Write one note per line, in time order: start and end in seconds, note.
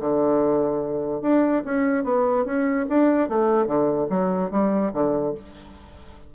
0.00 1.21 D3
1.21 1.63 D4
1.65 2.04 C#4
2.04 2.45 B3
2.45 2.86 C#4
2.89 3.29 D4
3.29 3.66 A3
3.66 4.07 D3
4.10 4.51 F#3
4.51 4.92 G3
4.93 5.34 D3